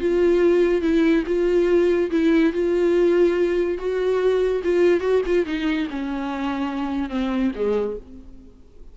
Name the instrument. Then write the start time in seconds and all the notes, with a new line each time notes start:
viola
0.00 F4
0.81 E4
1.26 F4
2.11 E4
2.53 F4
3.78 F#4
4.63 F4
5.00 F#4
5.26 F4
5.45 D#4
5.90 C#4
7.09 C4
7.55 G#3